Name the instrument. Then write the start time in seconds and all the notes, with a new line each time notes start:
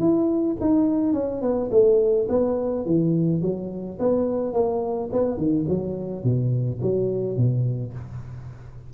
tuba
0.00 E4
0.61 D#4
1.13 C#4
1.42 B3
1.71 A3
2.29 B3
2.86 E3
3.42 F#3
4.00 B3
4.54 A#3
5.13 B3
5.38 D#3
5.69 F#3
6.24 B2
6.82 F#3
7.37 B2